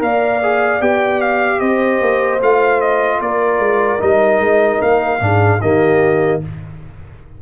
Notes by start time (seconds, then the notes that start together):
0.00 A#3 A#4 D5 F5
0.43 G#4
0.81 B3 G4 G5
1.21 F5
1.60 C4 C5 D#5
2.02 A#3
2.41 A3 F4 F5
2.81 D#5
3.19 A#3 A#4 D5
3.59 G#3
3.99 G3 D#4 D#5
4.39 G#3
4.81 A#3 F5
5.20 G#2 D4 G#4
5.61 D#3 A#3 G4 D#5